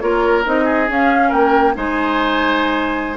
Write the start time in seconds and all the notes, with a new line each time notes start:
0.00 A#3 F4 A#4 C#5
0.44 C4 D#4 D#5
0.65 G#4
0.88 C#4 F5
1.29 A#3 A#4 G5
1.75 G#3 D#4 C5 G#5